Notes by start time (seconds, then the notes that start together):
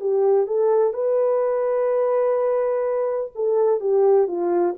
0.00 G4
0.46 A4
0.93 B4
3.35 A4
3.80 G4
4.27 F4